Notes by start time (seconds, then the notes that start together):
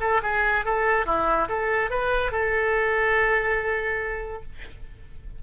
0.00 A4
0.22 G#4
0.65 A4
1.06 E4
1.48 A4
1.90 B4
2.31 A4